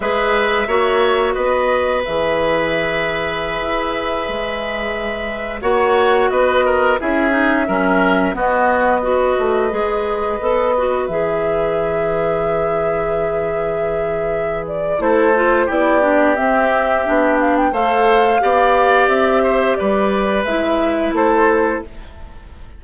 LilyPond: <<
  \new Staff \with { instrumentName = "flute" } { \time 4/4 \tempo 4 = 88 e''2 dis''4 e''4~ | e''1~ | e''16 fis''4 dis''4 e''4.~ e''16~ | e''16 dis''2.~ dis''8.~ |
dis''16 e''2.~ e''8.~ | e''4. d''8 c''4 d''4 | e''4. f''16 g''16 f''2 | e''4 d''4 e''4 c''4 | }
  \new Staff \with { instrumentName = "oboe" } { \time 4/4 b'4 cis''4 b'2~ | b'1~ | b'16 cis''4 b'8 ais'8 gis'4 ais'8.~ | ais'16 fis'4 b'2~ b'8.~ |
b'1~ | b'2 a'4 g'4~ | g'2 c''4 d''4~ | d''8 c''8 b'2 a'4 | }
  \new Staff \with { instrumentName = "clarinet" } { \time 4/4 gis'4 fis'2 gis'4~ | gis'1~ | gis'16 fis'2 e'8 dis'8 cis'8.~ | cis'16 b4 fis'4 gis'4 a'8 fis'16~ |
fis'16 gis'2.~ gis'8.~ | gis'2 e'8 f'8 e'8 d'8 | c'4 d'4 a'4 g'4~ | g'2 e'2 | }
  \new Staff \with { instrumentName = "bassoon" } { \time 4/4 gis4 ais4 b4 e4~ | e4~ e16 e'4 gis4.~ gis16~ | gis16 ais4 b4 cis'4 fis8.~ | fis16 b4. a8 gis4 b8.~ |
b16 e2.~ e8.~ | e2 a4 b4 | c'4 b4 a4 b4 | c'4 g4 gis4 a4 | }
>>